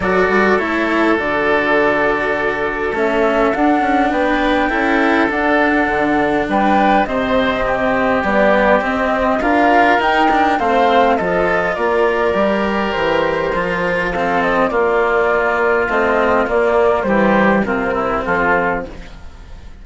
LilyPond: <<
  \new Staff \with { instrumentName = "flute" } { \time 4/4 \tempo 4 = 102 d''4 cis''4 d''2~ | d''4 e''4 fis''4 g''4~ | g''4 fis''2 g''4 | dis''2 d''4 dis''4 |
f''4 g''4 f''4 dis''4 | d''2 c''2 | f''8 dis''8 d''2 dis''4 | d''4 c''4 ais'4 a'4 | }
  \new Staff \with { instrumentName = "oboe" } { \time 4/4 a'1~ | a'2. b'4 | a'2. b'4 | c''4 g'2. |
ais'2 c''4 a'4 | ais'1 | a'4 f'2.~ | f'4 g'4 f'8 e'8 f'4 | }
  \new Staff \with { instrumentName = "cello" } { \time 4/4 fis'4 e'4 fis'2~ | fis'4 cis'4 d'2 | e'4 d'2. | c'2 b4 c'4 |
f'4 dis'8 d'8 c'4 f'4~ | f'4 g'2 f'4 | c'4 ais2 c'4 | ais4 g4 c'2 | }
  \new Staff \with { instrumentName = "bassoon" } { \time 4/4 fis8 g8 a4 d2~ | d4 a4 d'8 cis'8 b4 | cis'4 d'4 d4 g4 | c2 g4 c'4 |
d'4 dis'4 a4 f4 | ais4 g4 e4 f4~ | f4 ais2 a4 | ais4 e4 c4 f4 | }
>>